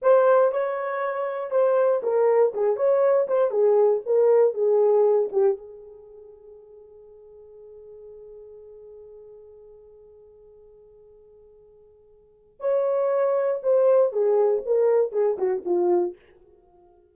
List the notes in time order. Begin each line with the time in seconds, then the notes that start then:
0.01 C5
0.52 C#5
1.51 C5
2.02 A#4
2.54 G#4
2.76 C#5
3.27 C5
3.50 G#4
4.05 A#4
4.54 G#4
5.31 G4
5.57 G#4
12.60 C#5
13.62 C5
14.12 G#4
14.65 A#4
15.12 G#4
15.38 F#4
15.65 F4